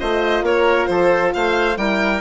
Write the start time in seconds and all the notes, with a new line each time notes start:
0.00 A3 F4 C5 D#5
0.42 A#3 A#4 C#5
0.87 F3 A4 C5
1.34 A3 C5 F5
1.77 G3 E4 A#4 G5